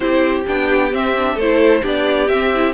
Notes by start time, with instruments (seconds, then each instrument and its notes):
0.00 cello C4, viola E4, violin G4 C5
0.46 cello B3, viola D4, violin G5
0.91 viola C4, cello C4, violin E5
1.17 viola D4
1.35 cello A3, violin A4 C5
1.41 viola E4
1.82 cello B3, viola D4, violin G4 D5
2.28 cello C4, viola C4, violin E5
2.54 viola E4